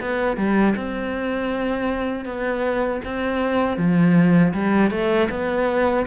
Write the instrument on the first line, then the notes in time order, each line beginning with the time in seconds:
cello
0.00 B3
0.37 G3
0.76 C4
2.25 B3
3.04 C4
3.77 F3
4.54 G3
4.91 A3
5.30 B3